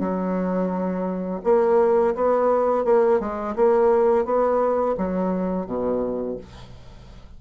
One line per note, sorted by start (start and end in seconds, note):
0.00 1.41 F#3
1.44 2.15 A#3
2.15 2.85 B3
2.85 3.20 A#3
3.20 3.55 G#3
3.56 4.25 A#3
4.25 4.95 B3
4.97 5.66 F#3
5.66 6.37 B2